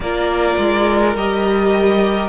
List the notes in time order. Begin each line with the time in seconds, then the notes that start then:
0.00 A#3 F4 A#4 D5
0.58 G#3
1.15 G3 G4 D#5